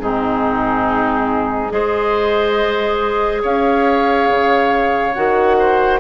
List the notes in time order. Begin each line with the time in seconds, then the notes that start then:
0.00 G#2 C4 D#4 G#4
1.69 G#3 G#4 C5 D#5
3.42 C#4 C#5 F5
4.30 C#3
5.14 D#3 F#4 F#5
5.59 C5